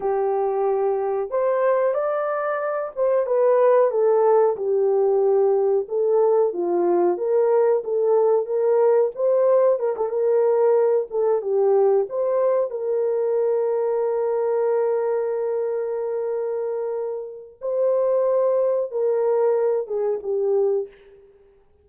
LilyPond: \new Staff \with { instrumentName = "horn" } { \time 4/4 \tempo 4 = 92 g'2 c''4 d''4~ | d''8 c''8 b'4 a'4 g'4~ | g'4 a'4 f'4 ais'4 | a'4 ais'4 c''4 ais'16 a'16 ais'8~ |
ais'4 a'8 g'4 c''4 ais'8~ | ais'1~ | ais'2. c''4~ | c''4 ais'4. gis'8 g'4 | }